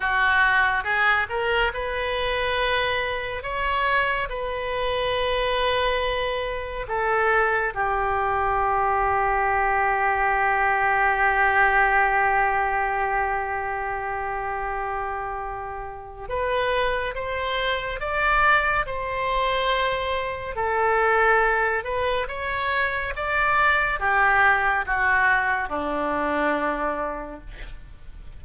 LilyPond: \new Staff \with { instrumentName = "oboe" } { \time 4/4 \tempo 4 = 70 fis'4 gis'8 ais'8 b'2 | cis''4 b'2. | a'4 g'2.~ | g'1~ |
g'2. b'4 | c''4 d''4 c''2 | a'4. b'8 cis''4 d''4 | g'4 fis'4 d'2 | }